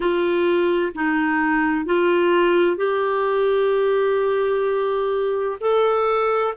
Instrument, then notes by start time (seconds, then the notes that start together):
clarinet
0.00 F4
0.95 D#4
1.85 F4
2.77 G4
5.60 A4